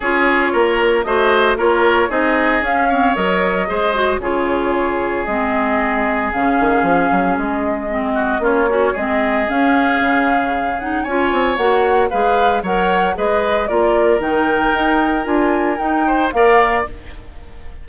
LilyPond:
<<
  \new Staff \with { instrumentName = "flute" } { \time 4/4 \tempo 4 = 114 cis''2 dis''4 cis''4 | dis''4 f''4 dis''2 | cis''2 dis''2 | f''2 dis''2 |
cis''4 dis''4 f''2~ | f''8 fis''8 gis''4 fis''4 f''4 | fis''4 dis''4 d''4 g''4~ | g''4 gis''4 g''4 f''4 | }
  \new Staff \with { instrumentName = "oboe" } { \time 4/4 gis'4 ais'4 c''4 ais'4 | gis'4. cis''4. c''4 | gis'1~ | gis'2.~ gis'8 fis'8 |
f'8 cis'8 gis'2.~ | gis'4 cis''2 b'4 | cis''4 b'4 ais'2~ | ais'2~ ais'8 c''8 d''4 | }
  \new Staff \with { instrumentName = "clarinet" } { \time 4/4 f'2 fis'4 f'4 | dis'4 cis'8 c'8 ais'4 gis'8 fis'8 | f'2 c'2 | cis'2. c'4 |
cis'8 fis'8 c'4 cis'2~ | cis'8 dis'8 f'4 fis'4 gis'4 | ais'4 gis'4 f'4 dis'4~ | dis'4 f'4 dis'4 ais'4 | }
  \new Staff \with { instrumentName = "bassoon" } { \time 4/4 cis'4 ais4 a4 ais4 | c'4 cis'4 fis4 gis4 | cis2 gis2 | cis8 dis8 f8 fis8 gis2 |
ais4 gis4 cis'4 cis4~ | cis4 cis'8 c'8 ais4 gis4 | fis4 gis4 ais4 dis4 | dis'4 d'4 dis'4 ais4 | }
>>